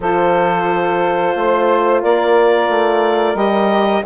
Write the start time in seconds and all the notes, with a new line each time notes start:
0.00 F3 F4 A4 C5
1.35 A3 C5
2.01 A#3 A#4 D5
2.69 A3
3.34 G3 G4 D#5